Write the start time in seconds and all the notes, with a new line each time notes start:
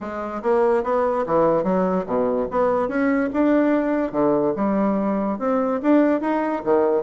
0.00 G#3
0.42 A#3
0.83 B3
1.26 E3
1.63 F#3
2.06 B2
2.50 B3
2.88 C#4
3.33 D4
4.12 D3
4.56 G3
5.38 C4
5.82 D4
6.21 D#4
6.64 D#3